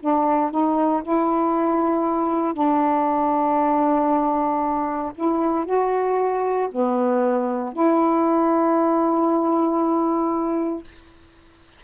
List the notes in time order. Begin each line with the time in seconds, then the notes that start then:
0.00 D4
0.51 D#4
1.03 E4
2.54 D4
5.15 E4
5.65 F#4
6.71 B3
7.73 E4